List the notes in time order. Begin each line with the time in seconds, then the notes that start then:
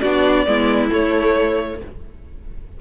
0.00 B3 D4 F#4 D5
0.46 G#3 B3 E4
0.89 A3 C#5